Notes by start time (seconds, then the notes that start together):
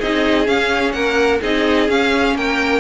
0.00 C4 D#4 G#4 D#5
0.46 C#4 F5
0.93 A#3 A#4 F#5
1.42 C4 D#4 G#4 D#5
1.88 C#4 F5
2.35 A#3 A#4 G5